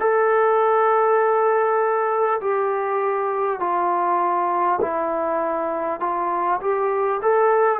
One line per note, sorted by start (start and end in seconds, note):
0.00 2.40 A4
2.40 3.59 G4
3.59 4.79 F4
4.81 6.00 E4
6.00 6.60 F4
6.61 7.21 G4
7.22 7.79 A4